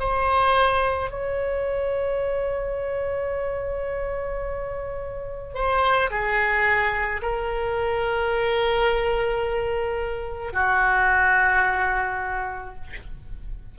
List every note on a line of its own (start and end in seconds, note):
0.00 1.11 C5
1.11 5.55 C#5
5.55 6.10 C5
6.11 7.22 G#4
7.22 10.53 A#4
10.53 12.75 F#4